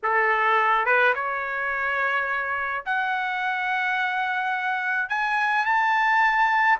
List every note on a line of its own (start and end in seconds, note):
0.02 0.85 A4
0.85 1.13 B4
1.14 2.84 C#5
2.85 5.09 F#5
5.09 5.65 G#5
5.65 6.78 A5